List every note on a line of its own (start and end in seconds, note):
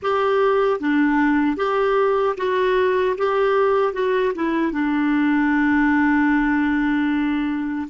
0.02 0.80 G4
0.80 1.56 D4
1.56 2.35 G4
2.37 3.16 F#4
3.17 3.93 G4
3.93 4.32 F#4
4.35 4.72 E4
4.72 7.87 D4